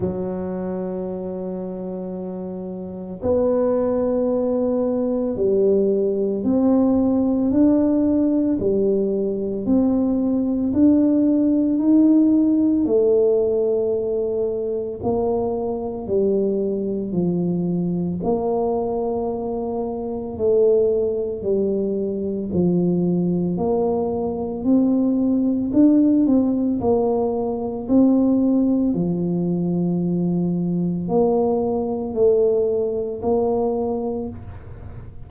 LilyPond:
\new Staff \with { instrumentName = "tuba" } { \time 4/4 \tempo 4 = 56 fis2. b4~ | b4 g4 c'4 d'4 | g4 c'4 d'4 dis'4 | a2 ais4 g4 |
f4 ais2 a4 | g4 f4 ais4 c'4 | d'8 c'8 ais4 c'4 f4~ | f4 ais4 a4 ais4 | }